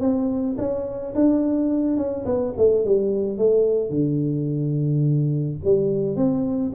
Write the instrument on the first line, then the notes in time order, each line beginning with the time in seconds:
tuba
0.00 C4
0.57 C#4
1.15 D4
1.97 C#4
2.25 B3
2.57 A3
2.84 G3
3.37 A3
3.89 D3
5.64 G3
6.16 C4